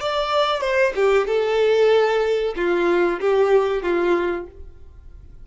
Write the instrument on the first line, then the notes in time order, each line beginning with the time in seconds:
violin
0.00 D5
0.61 C5
0.95 G4
1.27 A4
2.56 F4
3.20 G4
3.83 F4